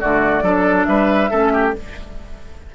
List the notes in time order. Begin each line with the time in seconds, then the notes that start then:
0.00 D3 A3 F#4 D5
0.42 F#3 D4 A4
0.85 G3 B4 E5
1.30 A3 C#4 A4
1.53 G4